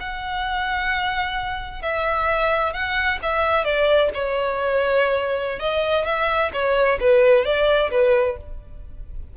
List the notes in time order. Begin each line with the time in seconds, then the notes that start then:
0.00 F#5
1.82 E5
2.73 F#5
3.22 E5
3.64 D5
4.14 C#5
5.59 D#5
6.05 E5
6.53 C#5
7.00 B4
7.44 D5
7.91 B4